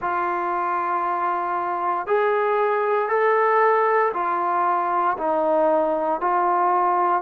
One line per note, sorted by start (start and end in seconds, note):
0.00 2.06 F4
2.06 3.08 G#4
3.08 4.12 A4
4.13 5.17 F4
5.17 6.20 D#4
6.20 7.22 F4